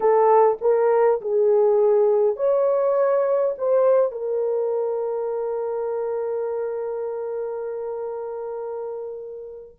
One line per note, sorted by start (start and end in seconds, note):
0.00 0.58 A4
0.61 1.20 A#4
1.21 2.36 G#4
2.36 3.55 C#5
3.58 4.11 C5
4.11 9.75 A#4